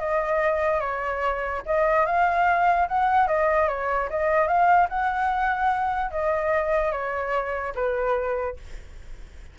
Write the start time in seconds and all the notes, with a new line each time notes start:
0.00 D#5
0.81 C#5
1.66 D#5
2.06 F5
2.89 F#5
3.28 D#5
3.69 C#5
4.10 D#5
4.48 F5
4.89 F#5
6.12 D#5
6.93 C#5
7.76 B4